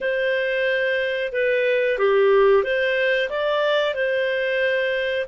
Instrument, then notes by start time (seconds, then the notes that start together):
clarinet
0.00 C5
1.32 B4
1.98 G4
2.63 C5
3.29 D5
3.94 C5